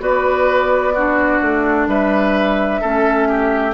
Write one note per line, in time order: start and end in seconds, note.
0.00 1.41 B3
0.00 0.94 F#4
0.00 0.94 B4
0.00 1.88 D5
0.94 2.83 D4
0.94 1.88 F#4
1.42 1.88 A3
1.88 2.81 G3
1.88 2.81 B4
1.88 3.74 E5
2.81 3.74 A3
2.81 3.74 C#4
2.81 3.28 A4
3.29 3.74 G4